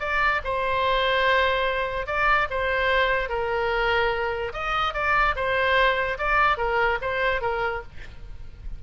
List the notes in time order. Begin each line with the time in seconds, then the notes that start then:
0.00 D5
0.44 C5
2.07 D5
2.50 C5
3.29 A#4
4.53 D#5
4.94 D5
5.36 C5
6.18 D5
6.58 A#4
7.02 C5
7.42 A#4